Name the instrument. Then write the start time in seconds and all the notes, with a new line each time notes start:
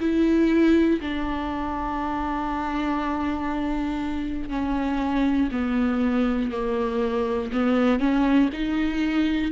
viola
0.00 E4
1.00 D4
4.49 C#4
5.51 B3
6.51 A#3
7.52 B3
7.99 C#4
8.53 D#4